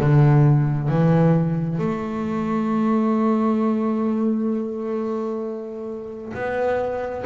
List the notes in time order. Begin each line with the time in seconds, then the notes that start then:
0.00 D3
0.89 E3
1.79 A3
6.34 B3